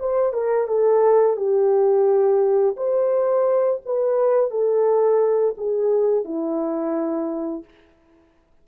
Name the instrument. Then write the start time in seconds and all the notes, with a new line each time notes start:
horn
0.00 C5
0.34 A#4
0.68 A4
1.37 G4
2.77 C5
3.86 B4
4.51 A4
5.58 G#4
6.25 E4